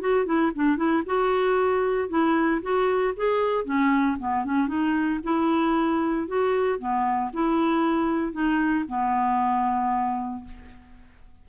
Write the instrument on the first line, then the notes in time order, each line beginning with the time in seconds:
clarinet
0.00 F#4
0.25 E4
0.55 D4
0.76 E4
1.06 F#4
2.09 E4
2.62 F#4
3.16 G#4
3.65 C#4
4.18 B3
4.45 C#4
4.67 D#4
5.23 E4
6.27 F#4
6.79 B3
7.33 E4
8.32 D#4
8.88 B3